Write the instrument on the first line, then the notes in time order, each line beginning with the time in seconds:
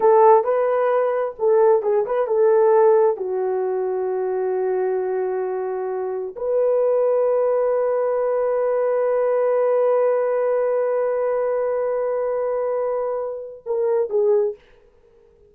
horn
0.00 A4
0.44 B4
1.38 A4
1.82 G#4
2.05 B4
2.27 A4
3.17 F#4
6.36 B4
13.65 A#4
14.09 G#4